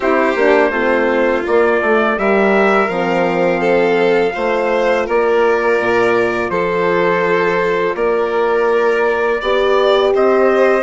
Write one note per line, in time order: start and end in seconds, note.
0.00 0.33 C4
0.00 0.38 E4
0.00 0.71 G4
0.00 1.46 C5
0.35 0.70 A#3
0.35 0.72 D4
0.70 1.42 A3
0.70 1.44 C4
0.70 2.16 F4
1.45 1.81 A#3
1.45 2.19 D5
1.81 2.17 A3
2.17 2.89 G3
2.17 2.89 G4
2.17 3.60 A#4
2.17 2.88 E5
2.88 4.33 F3
2.88 4.32 C4
2.88 5.05 F5
3.60 4.32 A4
4.32 5.08 A3
4.32 9.38 F4
4.32 5.05 C5
5.05 5.79 A#3
5.05 6.50 A#4
5.05 6.50 D5
5.79 6.50 A#2
6.50 7.94 F3
6.50 7.95 A4
6.50 7.94 C5
7.95 9.40 A#3
7.95 9.40 A#4
7.95 10.12 D5
9.40 10.13 B3
9.40 10.83 G4
9.40 10.13 D5
10.14 10.83 C4
10.14 10.83 C5
10.14 10.83 D#5